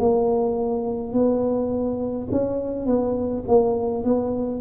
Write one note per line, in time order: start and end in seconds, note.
0.00 1.13 A#3
1.13 2.28 B3
2.31 2.86 C#4
2.86 3.44 B3
3.48 4.04 A#3
4.04 4.62 B3